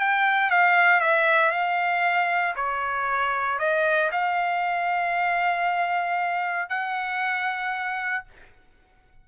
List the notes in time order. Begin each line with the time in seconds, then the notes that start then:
0.00 G5
0.51 F5
1.01 E5
1.52 F5
2.56 C#5
3.59 D#5
4.12 F5
6.70 F#5